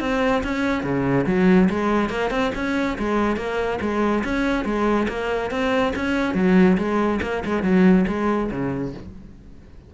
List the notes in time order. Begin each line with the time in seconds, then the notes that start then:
0.00 C4
0.44 C#4
0.83 C#3
1.26 F#3
1.69 G#3
2.09 A#3
2.30 C4
2.55 C#4
2.98 G#3
3.36 A#3
3.81 G#3
4.24 C#4
4.65 G#3
5.08 A#3
5.50 C4
5.95 C#4
6.34 F#3
6.77 G#3
7.22 A#3
7.45 G#3
7.62 F#3
8.08 G#3
8.51 C#3